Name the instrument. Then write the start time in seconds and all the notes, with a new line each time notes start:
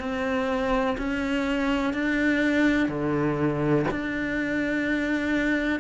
cello
0.00 C4
0.98 C#4
1.94 D4
2.89 D3
3.91 D4